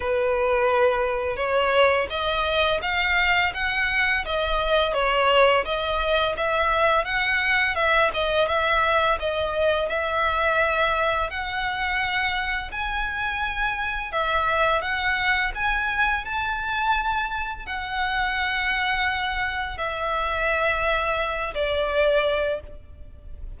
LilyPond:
\new Staff \with { instrumentName = "violin" } { \time 4/4 \tempo 4 = 85 b'2 cis''4 dis''4 | f''4 fis''4 dis''4 cis''4 | dis''4 e''4 fis''4 e''8 dis''8 | e''4 dis''4 e''2 |
fis''2 gis''2 | e''4 fis''4 gis''4 a''4~ | a''4 fis''2. | e''2~ e''8 d''4. | }